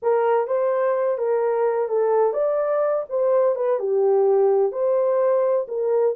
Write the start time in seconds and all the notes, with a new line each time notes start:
0.02 A#4
0.47 C5
1.17 A#4
1.88 A4
2.33 D5
3.09 C5
3.55 B4
3.79 G4
4.71 C5
5.68 A#4